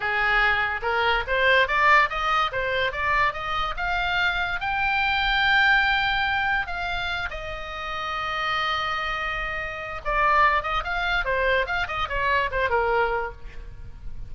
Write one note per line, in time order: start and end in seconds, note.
0.00 0.80 G#4
0.82 1.23 A#4
1.27 1.67 C5
1.67 2.09 D5
2.09 2.51 D#5
2.52 2.91 C5
2.91 3.33 D5
3.33 3.74 D#5
3.77 4.60 F5
4.60 6.66 G5
6.66 7.29 F5
7.30 10.01 D#5
10.04 10.62 D5
10.62 10.83 D#5
10.84 11.25 F5
11.25 11.66 C5
11.66 11.87 F5
11.87 12.08 D#5
12.08 12.50 C#5
12.51 12.69 C5
12.69 13.32 A#4